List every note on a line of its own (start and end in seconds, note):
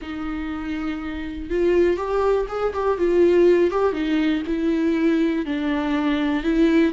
0.01 1.49 D#4
1.49 1.96 F4
1.96 2.46 G4
2.48 2.73 G#4
2.73 2.98 G4
2.98 3.70 F4
3.70 3.92 G4
3.92 4.42 D#4
4.46 5.45 E4
5.45 6.43 D4
6.43 6.92 E4